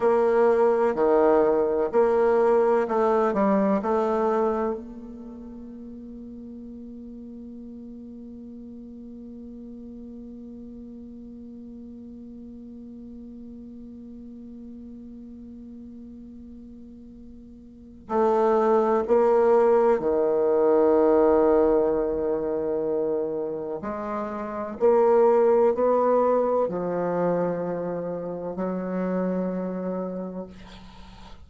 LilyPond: \new Staff \with { instrumentName = "bassoon" } { \time 4/4 \tempo 4 = 63 ais4 dis4 ais4 a8 g8 | a4 ais2.~ | ais1~ | ais1~ |
ais2. a4 | ais4 dis2.~ | dis4 gis4 ais4 b4 | f2 fis2 | }